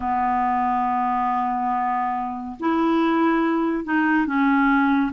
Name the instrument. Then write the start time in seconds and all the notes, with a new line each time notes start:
clarinet
0.00 B3
2.59 E4
3.84 D#4
4.26 C#4